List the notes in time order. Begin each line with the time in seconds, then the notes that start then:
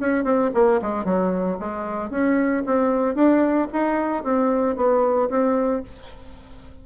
0.00 C#4
0.24 C4
0.54 A#3
0.82 G#3
1.05 F#3
1.60 G#3
2.10 C#4
2.66 C4
3.15 D4
3.73 D#4
4.24 C4
4.76 B3
5.30 C4